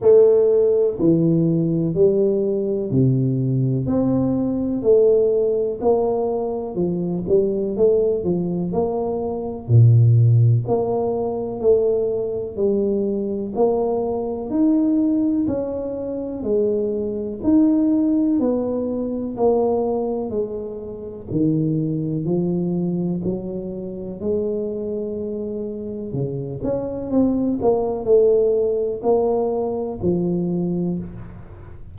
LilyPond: \new Staff \with { instrumentName = "tuba" } { \time 4/4 \tempo 4 = 62 a4 e4 g4 c4 | c'4 a4 ais4 f8 g8 | a8 f8 ais4 ais,4 ais4 | a4 g4 ais4 dis'4 |
cis'4 gis4 dis'4 b4 | ais4 gis4 dis4 f4 | fis4 gis2 cis8 cis'8 | c'8 ais8 a4 ais4 f4 | }